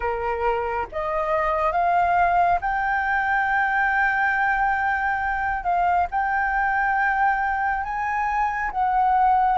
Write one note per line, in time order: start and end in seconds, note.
0.00 0.87 A#4
0.92 1.72 D#5
1.72 2.59 F5
2.60 5.63 G5
5.63 6.07 F5
6.10 7.83 G5
7.83 8.70 G#5
8.71 9.58 F#5